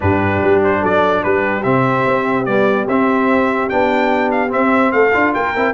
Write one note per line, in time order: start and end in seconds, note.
0.00 0.42 G2
0.00 1.61 D4
0.00 0.81 G4
0.00 0.62 B4
0.42 0.83 G3
0.64 0.84 C5
0.81 1.24 F#3
0.81 1.22 A4
0.81 1.23 D5
1.23 1.64 G3
1.23 4.94 G4
1.23 1.63 B4
1.63 2.06 C3
1.63 2.46 C4
1.63 2.45 E5
2.06 2.47 C4
2.45 2.87 G3
2.45 2.87 B3
2.45 2.86 D5
2.87 3.69 C4
2.87 3.70 C4
2.87 3.69 E5
3.69 4.53 B3
3.69 4.48 D4
3.69 4.30 G5
4.31 4.51 F5
4.48 5.10 C4
4.48 4.92 C4
4.48 4.92 E5
4.92 5.13 A3
4.92 5.35 A4
4.92 5.33 F5
5.13 5.35 D4
5.13 5.54 F4
5.33 5.56 A#3
5.33 5.74 A#4
5.33 5.74 G5
5.56 5.74 C4
5.56 5.74 E4